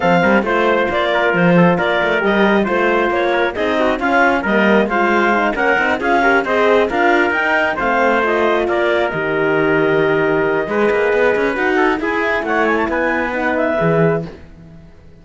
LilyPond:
<<
  \new Staff \with { instrumentName = "clarinet" } { \time 4/4 \tempo 4 = 135 f''4 c''4 d''4 c''4 | d''4 dis''4 c''4 cis''4 | dis''4 f''4 dis''4 f''4~ | f''8 fis''4 f''4 dis''4 f''8~ |
f''8 g''4 f''4 dis''4 d''8~ | d''8 dis''2.~ dis''8~ | dis''2 fis''4 gis''4 | fis''8 gis''16 a''16 gis''4 fis''8 e''4. | }
  \new Staff \with { instrumentName = "trumpet" } { \time 4/4 a'8 ais'8 c''4. ais'4 a'8 | ais'2 c''4. ais'8 | gis'8 fis'8 f'4 ais'4 c''4~ | c''8 ais'4 gis'8 ais'8 c''4 ais'8~ |
ais'4. c''2 ais'8~ | ais'1 | b'2~ b'8 a'8 gis'4 | cis''4 b'2. | }
  \new Staff \with { instrumentName = "horn" } { \time 4/4 c'4 f'2.~ | f'4 g'4 f'2 | dis'4 cis'4 ais4 f'4 | dis'8 cis'8 dis'8 f'8 g'8 gis'4 f'8~ |
f'8 dis'4 c'4 f'4.~ | f'8 g'2.~ g'8 | gis'2 fis'4 e'4~ | e'2 dis'4 gis'4 | }
  \new Staff \with { instrumentName = "cello" } { \time 4/4 f8 g8 a4 ais4 f4 | ais8 a8 g4 a4 ais4 | c'4 cis'4 g4 gis4~ | gis8 ais8 c'8 cis'4 c'4 d'8~ |
d'8 dis'4 a2 ais8~ | ais8 dis2.~ dis8 | gis8 ais8 b8 cis'8 dis'4 e'4 | a4 b2 e4 | }
>>